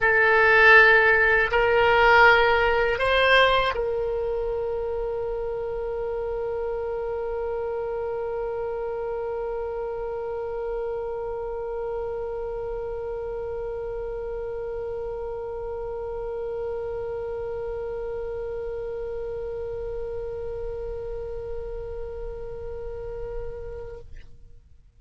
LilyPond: \new Staff \with { instrumentName = "oboe" } { \time 4/4 \tempo 4 = 80 a'2 ais'2 | c''4 ais'2.~ | ais'1~ | ais'1~ |
ais'1~ | ais'1~ | ais'1~ | ais'1 | }